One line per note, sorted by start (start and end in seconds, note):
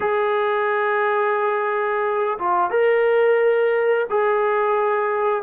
0.00 2.38 G#4
2.38 2.70 F4
2.70 4.06 A#4
4.09 5.43 G#4